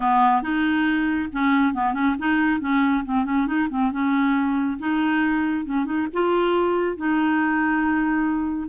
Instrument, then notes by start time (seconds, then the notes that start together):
clarinet
0.00 B3
0.42 D#4
1.32 C#4
1.74 B3
1.93 C#4
2.19 D#4
2.60 C#4
3.04 C4
3.25 C#4
3.46 D#4
3.69 C4
3.91 C#4
4.78 D#4
5.65 C#4
5.85 D#4
6.13 F4
6.96 D#4